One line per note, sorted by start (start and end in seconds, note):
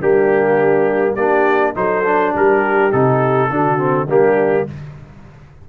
0.00 1.17 G3
0.00 1.18 A#3
0.00 1.14 D4
0.00 1.16 G4
1.14 1.75 A#3
1.14 1.75 D4
1.14 1.72 G4
1.14 1.74 D5
1.75 2.34 F#3
1.75 2.04 D#4
1.75 2.34 A4
1.75 2.35 C5
2.05 2.92 D4
2.34 2.93 G3
2.34 3.50 G4
2.34 2.92 A#4
2.92 3.50 C3
2.92 3.50 D#4
2.92 4.09 A4
3.50 4.08 D3
3.50 3.79 D4
3.50 4.07 F#4
3.79 4.08 C4
4.07 4.66 G3
4.07 4.68 A#3
4.07 4.65 D4
4.07 4.69 G4